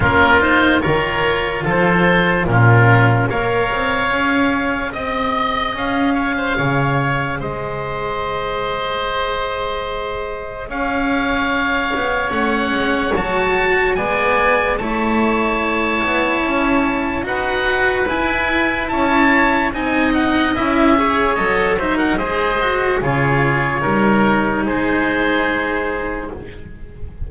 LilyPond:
<<
  \new Staff \with { instrumentName = "oboe" } { \time 4/4 \tempo 4 = 73 ais'8 c''8 cis''4 c''4 ais'4 | f''2 dis''4 f''4~ | f''4 dis''2.~ | dis''4 f''2 fis''4 |
a''4 gis''4 a''2~ | a''4 fis''4 gis''4 a''4 | gis''8 fis''8 e''4 dis''8 e''16 fis''16 dis''4 | cis''2 c''2 | }
  \new Staff \with { instrumentName = "oboe" } { \time 4/4 f'4 ais'4 a'4 f'4 | cis''2 dis''4. cis''16 c''16 | cis''4 c''2.~ | c''4 cis''2.~ |
cis''4 d''4 cis''2~ | cis''4 b'2 cis''4 | dis''4. cis''4 c''16 ais'16 c''4 | gis'4 ais'4 gis'2 | }
  \new Staff \with { instrumentName = "cello" } { \time 4/4 cis'8 dis'8 f'2 cis'4 | ais'4 gis'2.~ | gis'1~ | gis'2. cis'4 |
fis'4 b4 e'2~ | e'4 fis'4 e'2 | dis'4 e'8 gis'8 a'8 dis'8 gis'8 fis'8 | f'4 dis'2. | }
  \new Staff \with { instrumentName = "double bass" } { \time 4/4 ais4 dis4 f4 ais,4 | ais8 c'8 cis'4 c'4 cis'4 | cis4 gis2.~ | gis4 cis'4. b8 a8 gis8 |
fis4 gis4 a4. b8 | cis'4 dis'4 e'4 cis'4 | c'4 cis'4 fis4 gis4 | cis4 g4 gis2 | }
>>